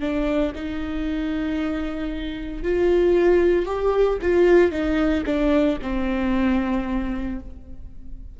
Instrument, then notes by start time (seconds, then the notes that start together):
viola
0.00 D4
0.55 D#4
2.63 F4
3.66 G4
4.22 F4
4.71 D#4
5.26 D4
5.82 C4